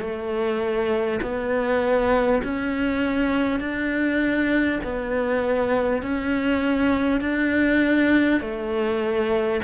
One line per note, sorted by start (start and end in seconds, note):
0.00 1.20 A3
1.21 2.41 B3
2.43 3.59 C#4
3.59 4.79 D4
4.83 6.02 B3
6.02 7.21 C#4
7.21 8.41 D4
8.41 9.61 A3